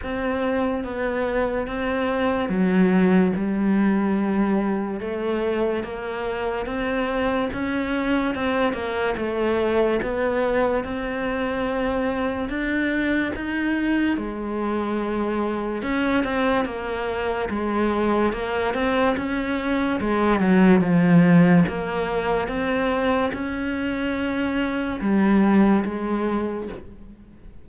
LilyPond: \new Staff \with { instrumentName = "cello" } { \time 4/4 \tempo 4 = 72 c'4 b4 c'4 fis4 | g2 a4 ais4 | c'4 cis'4 c'8 ais8 a4 | b4 c'2 d'4 |
dis'4 gis2 cis'8 c'8 | ais4 gis4 ais8 c'8 cis'4 | gis8 fis8 f4 ais4 c'4 | cis'2 g4 gis4 | }